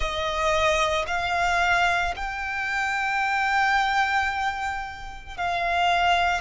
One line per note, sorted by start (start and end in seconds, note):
0.00 1.05 D#5
1.07 2.14 F5
2.16 5.37 G5
5.37 6.41 F5